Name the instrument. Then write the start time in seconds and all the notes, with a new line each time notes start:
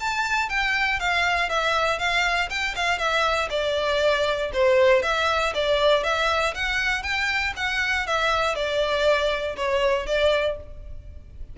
violin
0.00 A5
0.49 G5
0.99 F5
1.49 E5
1.98 F5
2.50 G5
2.75 F5
2.98 E5
3.50 D5
4.53 C5
5.02 E5
5.54 D5
6.03 E5
6.54 F#5
7.02 G5
7.56 F#5
8.06 E5
8.55 D5
9.56 C#5
10.06 D5